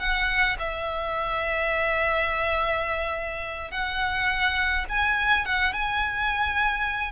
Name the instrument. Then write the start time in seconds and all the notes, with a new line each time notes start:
violin
0.00 F#5
0.59 E5
3.71 F#5
4.89 G#5
5.46 F#5
5.74 G#5